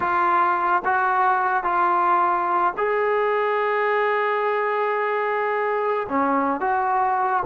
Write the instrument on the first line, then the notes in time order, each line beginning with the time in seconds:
trombone
0.00 F4
0.85 F#4
1.63 F4
2.77 G#4
6.08 C#4
6.60 F#4